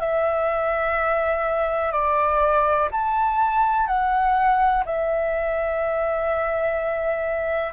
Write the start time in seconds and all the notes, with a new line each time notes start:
0.00 E5
1.92 D5
2.92 A5
3.88 F#5
4.86 E5